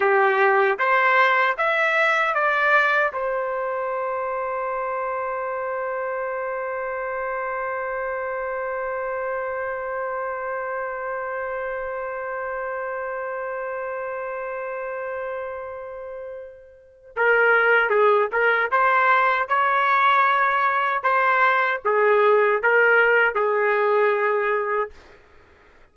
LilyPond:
\new Staff \with { instrumentName = "trumpet" } { \time 4/4 \tempo 4 = 77 g'4 c''4 e''4 d''4 | c''1~ | c''1~ | c''1~ |
c''1~ | c''2 ais'4 gis'8 ais'8 | c''4 cis''2 c''4 | gis'4 ais'4 gis'2 | }